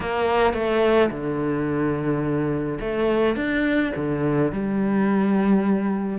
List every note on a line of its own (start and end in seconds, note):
0.00 0.53 A#3
0.53 1.09 A3
1.10 2.78 D3
2.80 3.36 A3
3.36 3.92 D4
3.95 4.51 D3
4.51 6.18 G3